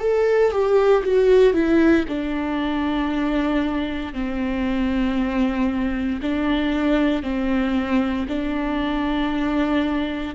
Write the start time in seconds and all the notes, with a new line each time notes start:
0.00 A4
0.51 G4
1.03 F#4
1.53 E4
2.08 D4
4.13 C4
6.22 D4
7.23 C4
8.28 D4